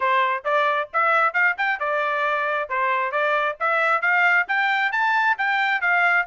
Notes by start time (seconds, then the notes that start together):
0.00 C5
0.44 D5
0.93 E5
1.33 F5
1.57 G5
1.79 D5
2.69 C5
3.11 D5
3.59 E5
4.01 F5
4.48 G5
4.92 A5
5.38 G5
5.81 F5